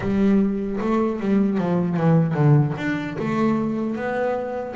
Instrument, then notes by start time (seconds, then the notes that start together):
double bass
0.00 G3
0.80 A3
1.19 G3
1.58 F3
1.97 E3
2.34 D3
2.77 D4
3.18 A3
3.95 B3